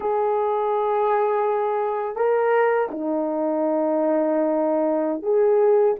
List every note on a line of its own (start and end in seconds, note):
0.00 2.16 G#4
2.16 2.88 A#4
2.90 5.22 D#4
5.22 5.94 G#4